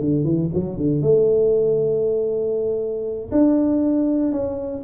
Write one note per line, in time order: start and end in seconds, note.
0.00 0.24 D3
0.24 0.49 E3
0.54 0.77 F#3
0.77 1.01 D3
1.01 3.30 A3
3.32 4.32 D4
4.32 4.83 C#4